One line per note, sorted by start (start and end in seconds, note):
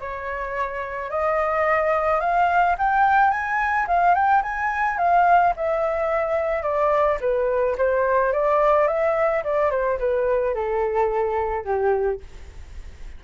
0.00 1.10 C#5
1.10 2.20 D#5
2.20 2.76 F5
2.78 3.30 G5
3.30 3.86 G#5
3.87 4.14 F5
4.14 4.42 G5
4.42 4.97 G#5
4.97 5.53 F5
5.56 6.62 E5
6.62 7.18 D5
7.20 7.76 B4
7.78 8.32 C5
8.32 8.87 D5
8.87 9.43 E5
9.43 9.70 D5
9.70 9.98 C5
9.99 10.54 B4
10.54 11.64 A4
11.64 12.20 G4